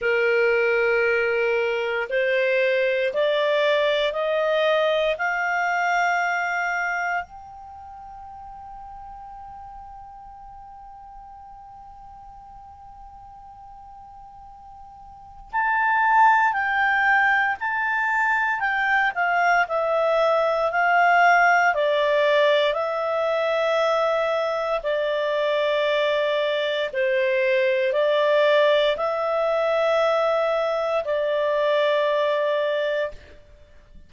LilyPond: \new Staff \with { instrumentName = "clarinet" } { \time 4/4 \tempo 4 = 58 ais'2 c''4 d''4 | dis''4 f''2 g''4~ | g''1~ | g''2. a''4 |
g''4 a''4 g''8 f''8 e''4 | f''4 d''4 e''2 | d''2 c''4 d''4 | e''2 d''2 | }